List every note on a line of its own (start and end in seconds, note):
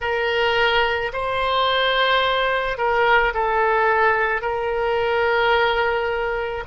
0.01 1.12 A#4
1.12 2.77 C5
2.77 3.33 A#4
3.33 4.41 A4
4.41 6.64 A#4